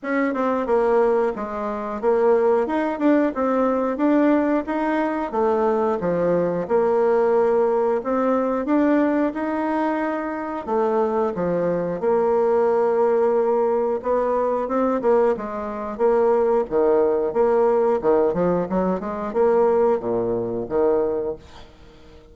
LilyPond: \new Staff \with { instrumentName = "bassoon" } { \time 4/4 \tempo 4 = 90 cis'8 c'8 ais4 gis4 ais4 | dis'8 d'8 c'4 d'4 dis'4 | a4 f4 ais2 | c'4 d'4 dis'2 |
a4 f4 ais2~ | ais4 b4 c'8 ais8 gis4 | ais4 dis4 ais4 dis8 f8 | fis8 gis8 ais4 ais,4 dis4 | }